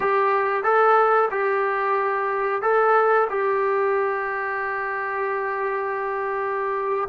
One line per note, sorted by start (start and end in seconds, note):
0.00 0.63 G4
0.63 1.29 A4
1.30 2.62 G4
2.62 3.28 A4
3.29 7.08 G4